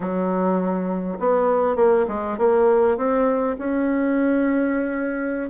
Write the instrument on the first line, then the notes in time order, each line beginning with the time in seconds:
bassoon
0.00 F#3
1.19 B3
1.76 A#3
2.08 G#3
2.38 A#3
2.97 C4
3.58 C#4